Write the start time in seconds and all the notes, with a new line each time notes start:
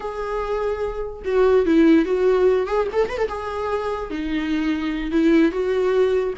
0.00 G#4
1.24 F#4
1.65 E4
2.05 F#4
2.66 G#4
2.92 A4
3.09 B4
3.17 A4
3.28 G#4
4.10 D#4
5.11 E4
5.51 F#4